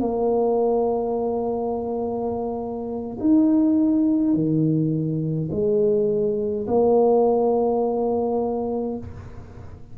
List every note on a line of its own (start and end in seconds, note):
0.00 3.17 A#3
3.19 4.34 D#4
4.34 5.49 D#3
5.51 6.66 G#3
6.67 8.97 A#3